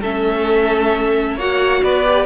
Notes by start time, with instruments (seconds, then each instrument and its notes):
0.00 cello A3, viola C#4, violin A4 E5
1.36 cello A#3, viola F#4, violin C#5 F#5
1.83 cello B3, violin B4 D5
2.04 viola G4